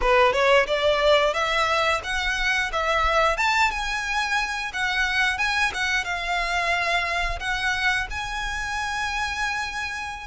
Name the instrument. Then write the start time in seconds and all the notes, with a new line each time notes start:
violin
0.01 B4
0.32 C#5
0.66 D5
1.33 E5
2.03 F#5
2.72 E5
3.37 A5
3.70 G#5
4.73 F#5
5.37 G#5
5.74 F#5
6.04 F5
7.39 F#5
8.10 G#5